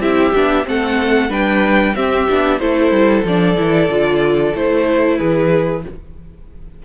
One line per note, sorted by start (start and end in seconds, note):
0.00 0.32 C4
0.00 0.34 E4
0.00 0.66 G4
0.00 0.66 E5
0.34 0.66 B3
0.34 0.64 D4
0.64 1.29 A3
0.64 1.29 C4
0.64 1.30 A4
0.64 1.32 F#5
1.29 1.94 G3
1.29 1.94 D4
1.29 1.94 B4
1.29 1.95 G5
1.95 2.27 C4
1.95 2.60 G4
1.95 2.59 E5
2.30 2.61 B3
2.30 2.60 D4
2.59 2.91 A3
2.59 3.24 E4
2.59 5.17 A4
2.59 3.24 C5
2.91 3.23 G3
3.24 3.57 F3
3.24 3.56 D4
3.24 4.56 D5
3.56 3.89 E3
3.56 3.89 E4
3.89 4.53 D3
3.89 4.54 F4
4.54 5.19 A3
4.54 5.83 E4
4.54 5.18 C5
5.17 5.85 E3
5.17 5.82 G#4
5.17 5.83 B4